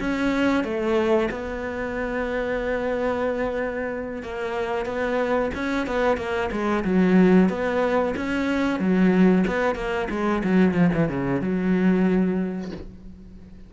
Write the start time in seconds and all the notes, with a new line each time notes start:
0.00 C#4
0.64 A3
1.30 B3
4.23 A#3
4.86 B3
5.54 C#4
5.87 B3
6.17 A#3
6.51 G#3
6.84 F#3
7.49 B3
8.16 C#4
8.79 F#3
9.47 B3
9.75 A#3
10.10 G#3
10.43 F#3
10.74 F3
10.94 E3
11.08 C#3
11.41 F#3